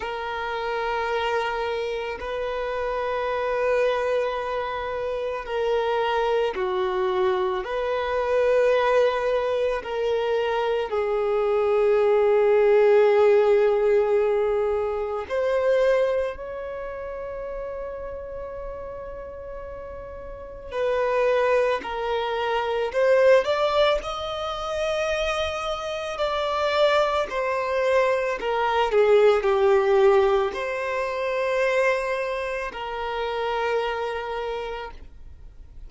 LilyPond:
\new Staff \with { instrumentName = "violin" } { \time 4/4 \tempo 4 = 55 ais'2 b'2~ | b'4 ais'4 fis'4 b'4~ | b'4 ais'4 gis'2~ | gis'2 c''4 cis''4~ |
cis''2. b'4 | ais'4 c''8 d''8 dis''2 | d''4 c''4 ais'8 gis'8 g'4 | c''2 ais'2 | }